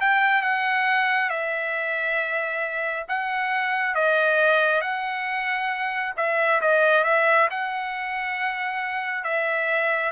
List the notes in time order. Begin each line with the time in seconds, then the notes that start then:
0.00 G5
0.42 F#5
1.29 E5
3.08 F#5
3.95 D#5
4.81 F#5
6.16 E5
6.61 D#5
7.04 E5
7.50 F#5
9.24 E5